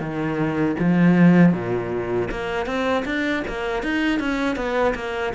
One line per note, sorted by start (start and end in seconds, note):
0.00 0.76 D#3
0.79 1.53 F3
1.53 2.29 A#2
2.31 2.66 A#3
2.66 3.04 C4
3.05 3.43 D4
3.48 3.83 A#3
3.83 4.20 D#4
4.20 4.56 C#4
4.56 4.94 B3
4.95 5.33 A#3